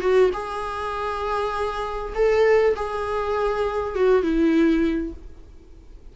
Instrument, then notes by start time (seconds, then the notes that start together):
viola
0.00 F#4
0.33 G#4
2.14 A4
2.76 G#4
3.95 F#4
4.22 E4